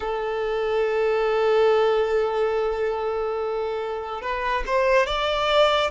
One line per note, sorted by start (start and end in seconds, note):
0.00 4.21 A4
4.21 4.63 B4
4.66 5.06 C5
5.06 5.90 D5